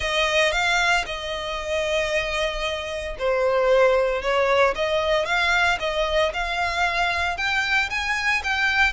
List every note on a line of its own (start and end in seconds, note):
0.00 0.52 D#5
0.52 1.04 F5
1.06 3.16 D#5
3.18 4.22 C5
4.22 4.74 C#5
4.75 5.25 D#5
5.25 5.78 F5
5.79 6.32 D#5
6.33 7.37 F5
7.37 7.89 G5
7.89 8.42 G#5
8.43 8.92 G5